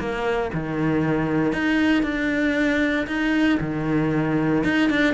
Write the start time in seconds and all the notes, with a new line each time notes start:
0.00 A#3
0.54 D#3
1.53 D#4
2.04 D4
3.08 D#4
3.61 D#3
4.65 D#4
4.90 D4